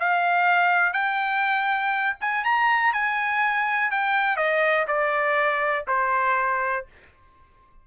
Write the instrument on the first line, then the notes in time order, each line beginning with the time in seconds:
trumpet
0.00 F5
0.93 G5
2.21 G#5
2.45 A#5
2.94 G#5
3.91 G5
4.37 D#5
4.88 D5
5.88 C5